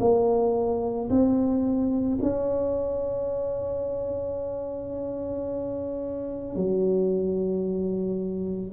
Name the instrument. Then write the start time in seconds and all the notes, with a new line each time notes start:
tuba
0.00 A#3
1.10 C4
2.23 C#4
6.56 F#3